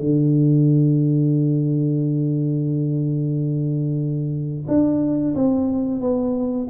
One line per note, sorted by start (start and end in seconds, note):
0.00 4.67 D3
4.68 5.35 D4
5.35 6.01 C4
6.01 6.68 B3